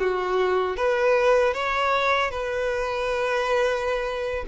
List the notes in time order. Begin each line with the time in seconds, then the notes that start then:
0.00 F#4
0.77 B4
1.54 C#5
2.31 B4